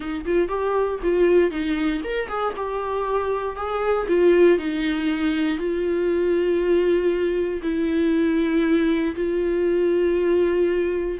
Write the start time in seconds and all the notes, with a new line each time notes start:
0.00 D#4
0.25 F4
0.48 G4
1.02 F4
1.50 D#4
2.04 A#4
2.28 G#4
2.56 G4
3.56 G#4
4.08 F4
4.58 D#4
5.57 F4
7.62 E4
9.15 F4